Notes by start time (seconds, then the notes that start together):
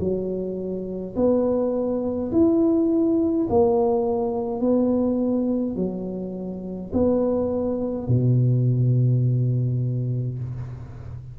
0.00 F#3
1.16 B3
2.32 E4
3.49 A#3
4.60 B3
5.76 F#3
6.93 B3
8.08 B2